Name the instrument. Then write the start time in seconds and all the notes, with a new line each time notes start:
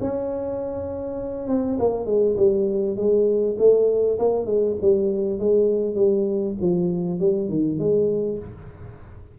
tuba
0.00 C#4
1.48 C4
1.79 A#3
2.05 G#3
2.36 G3
2.96 G#3
3.58 A3
4.18 A#3
4.45 G#3
4.81 G3
5.39 G#3
5.95 G3
6.60 F3
7.19 G3
7.48 D#3
7.79 G#3